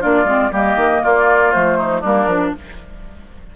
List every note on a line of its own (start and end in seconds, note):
0.00 0.24 A#3
0.00 0.25 D4
0.00 0.51 F4
0.00 0.53 D5
0.24 0.49 G#3
0.24 0.51 C4
0.51 0.76 G3
0.51 1.51 A#3
0.51 1.01 G4
0.51 1.03 D#5
0.76 1.01 D#3
1.02 1.54 A#3
1.02 1.77 F4
1.02 1.51 D5
1.51 2.03 F3
1.51 2.02 A3
1.51 2.02 C5
1.77 2.00 D#4
2.00 2.26 G3
2.00 2.29 A#3
2.00 2.50 D4
2.00 2.54 A#4
2.26 2.51 F3
2.26 2.55 D4